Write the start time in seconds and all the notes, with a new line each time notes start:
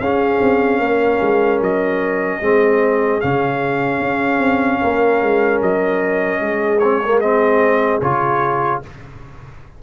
0.00 C#4 G#4 F5
0.41 C4
0.79 A#3 A#4
1.21 G#3
1.61 F#3 D#5
2.41 G#3 C4 G#4
3.21 C#3 C#4 F5
4.00 C#4
4.39 C4
4.81 A#3 A#4
5.22 G#3
5.61 F#3 D#5
6.40 G#3 G#4
6.79 C4 C#5
7.03 A#3
7.21 C4 D#5
8.01 C#3 F4 C#5